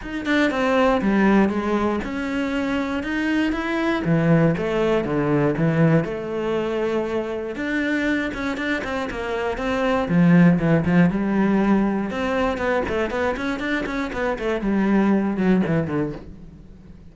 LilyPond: \new Staff \with { instrumentName = "cello" } { \time 4/4 \tempo 4 = 119 dis'8 d'8 c'4 g4 gis4 | cis'2 dis'4 e'4 | e4 a4 d4 e4 | a2. d'4~ |
d'8 cis'8 d'8 c'8 ais4 c'4 | f4 e8 f8 g2 | c'4 b8 a8 b8 cis'8 d'8 cis'8 | b8 a8 g4. fis8 e8 d8 | }